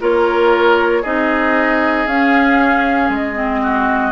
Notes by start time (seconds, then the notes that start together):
0.00 A#3 F4 A#4 C#5
1.02 C4 D#4 G#4 D#5
2.06 C#4 F5
3.09 G#3 D#5
3.34 C4
3.62 F#4